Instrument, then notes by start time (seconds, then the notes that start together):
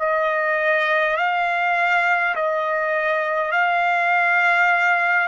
trumpet
0.00 D#5
1.18 F5
2.36 D#5
3.52 F5